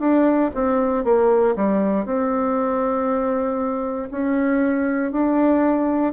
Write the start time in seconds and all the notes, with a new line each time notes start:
0.00 D4
0.55 C4
1.04 A#3
1.56 G3
2.05 C4
4.11 C#4
5.12 D4